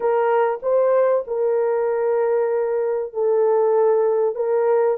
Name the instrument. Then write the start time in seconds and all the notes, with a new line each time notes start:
horn
0.00 A#4
0.62 C5
1.27 A#4
3.13 A4
4.35 A#4